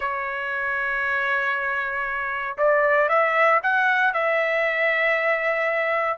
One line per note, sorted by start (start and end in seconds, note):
0.00 2.57 C#5
2.57 3.08 D5
3.08 3.60 E5
3.62 4.13 F#5
4.13 6.17 E5